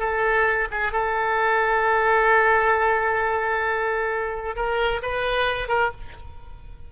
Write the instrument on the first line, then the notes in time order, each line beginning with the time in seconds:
oboe
0.00 A4
0.71 G#4
0.93 A4
4.56 A#4
5.03 B4
5.69 A#4